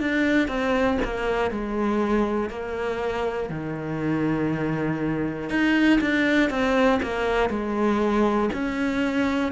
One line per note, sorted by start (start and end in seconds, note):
0.00 0.48 D4
0.48 0.98 C4
1.05 1.51 A#3
1.51 2.50 G#3
2.50 3.50 A#3
3.50 5.50 D#3
5.50 6.00 D#4
6.01 6.50 D4
6.50 7.00 C4
7.03 7.50 A#3
7.50 8.50 G#3
8.53 9.52 C#4